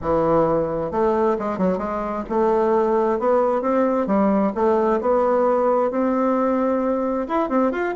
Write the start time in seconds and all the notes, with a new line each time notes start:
0.01 E3
0.91 A3
1.39 G#3
1.58 F#3
1.78 G#3
2.29 A3
3.19 B3
3.61 C4
4.07 G3
4.55 A3
5.00 B3
5.90 C4
7.27 E4
7.49 C4
7.71 F4